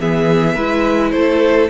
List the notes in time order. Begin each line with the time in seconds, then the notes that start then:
0.00 E3 B3 G#4 E5
0.55 G#3 E4 B4
1.12 A3 A4 C5